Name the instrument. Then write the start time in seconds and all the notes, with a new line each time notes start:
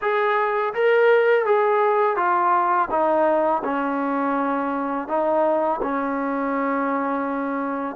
trombone
0.01 G#4
0.74 A#4
1.45 G#4
2.16 F4
2.90 D#4
3.64 C#4
5.08 D#4
5.82 C#4